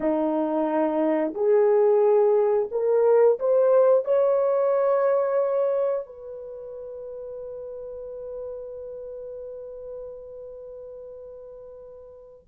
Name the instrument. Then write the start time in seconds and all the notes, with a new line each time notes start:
horn
0.00 D#4
1.34 G#4
2.71 A#4
3.39 C5
4.04 C#5
6.06 B4